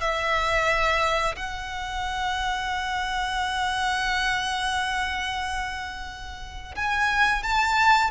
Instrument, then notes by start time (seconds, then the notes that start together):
violin
0.00 E5
1.35 F#5
6.75 G#5
7.42 A5